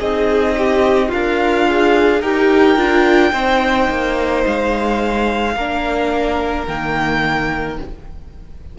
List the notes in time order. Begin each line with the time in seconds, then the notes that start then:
0.00 C4 D#4 G#4 D#5
0.58 G4
1.09 D4 F4 A#4 F5
1.69 G#4
2.21 D#4 G4 A#4 G5
2.77 D4 F4
3.33 C4 D#4 C5
3.90 A#3
4.47 G#3 F5
5.57 A#3 D4 A#4
6.67 D#3 A#3 G5